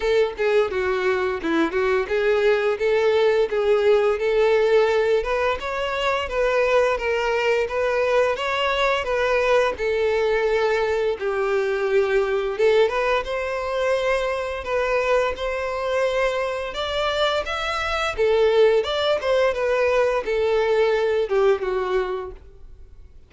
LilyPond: \new Staff \with { instrumentName = "violin" } { \time 4/4 \tempo 4 = 86 a'8 gis'8 fis'4 e'8 fis'8 gis'4 | a'4 gis'4 a'4. b'8 | cis''4 b'4 ais'4 b'4 | cis''4 b'4 a'2 |
g'2 a'8 b'8 c''4~ | c''4 b'4 c''2 | d''4 e''4 a'4 d''8 c''8 | b'4 a'4. g'8 fis'4 | }